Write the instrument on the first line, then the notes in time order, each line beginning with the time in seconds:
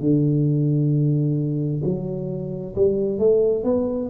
tuba
0.00 D3
1.83 F#3
2.76 G3
3.19 A3
3.64 B3